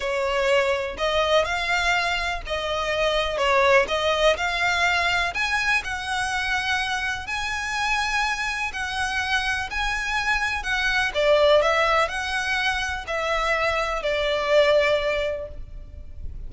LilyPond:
\new Staff \with { instrumentName = "violin" } { \time 4/4 \tempo 4 = 124 cis''2 dis''4 f''4~ | f''4 dis''2 cis''4 | dis''4 f''2 gis''4 | fis''2. gis''4~ |
gis''2 fis''2 | gis''2 fis''4 d''4 | e''4 fis''2 e''4~ | e''4 d''2. | }